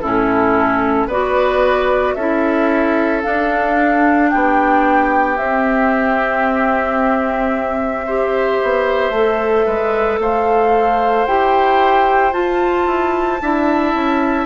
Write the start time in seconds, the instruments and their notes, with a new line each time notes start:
0.00 bassoon A2, clarinet C#4, oboe E4, flute A4
1.07 bassoon B3, clarinet F#4, oboe B4, flute D5
2.14 bassoon C#4, clarinet E4, oboe A4, flute E5
3.22 clarinet D4, bassoon D4, flute F5
4.29 bassoon B3, oboe G4, flute G5
5.37 bassoon C4, clarinet C4, flute E5
8.06 clarinet G4, oboe C5
8.62 bassoon B3
9.10 bassoon A3, clarinet A4
9.65 bassoon G#3, oboe B4
10.18 bassoon A3, oboe C5, flute F5
11.26 bassoon E4, clarinet G4, flute G5
12.32 clarinet F4, bassoon F4, flute A5
12.86 bassoon E4
13.41 bassoon D4, clarinet E4, oboe E5
13.94 bassoon C#4